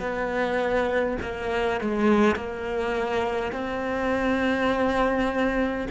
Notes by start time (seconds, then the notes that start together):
0.00 B3
1.22 A#3
1.81 G#3
2.36 A#3
3.52 C4